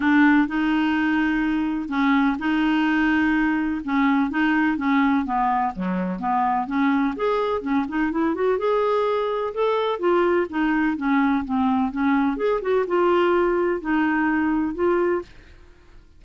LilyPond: \new Staff \with { instrumentName = "clarinet" } { \time 4/4 \tempo 4 = 126 d'4 dis'2. | cis'4 dis'2. | cis'4 dis'4 cis'4 b4 | fis4 b4 cis'4 gis'4 |
cis'8 dis'8 e'8 fis'8 gis'2 | a'4 f'4 dis'4 cis'4 | c'4 cis'4 gis'8 fis'8 f'4~ | f'4 dis'2 f'4 | }